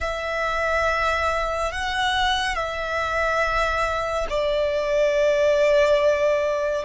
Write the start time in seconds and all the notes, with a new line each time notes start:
0.00 E5
1.71 F#5
2.55 E5
4.29 D5